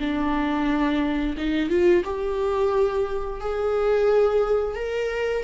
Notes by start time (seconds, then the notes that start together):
0.00 D4
1.38 D#4
1.70 F4
2.05 G4
3.41 G#4
4.76 A#4